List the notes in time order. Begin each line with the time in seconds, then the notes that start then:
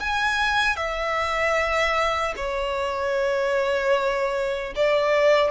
0.00 G#5
0.76 E5
2.36 C#5
4.76 D5